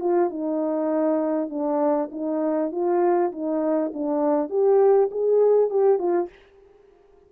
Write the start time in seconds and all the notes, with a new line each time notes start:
0.00 F4
0.30 D#4
1.49 D4
2.12 D#4
2.71 F4
3.32 D#4
3.93 D4
4.49 G4
5.11 G#4
5.70 G4
5.99 F4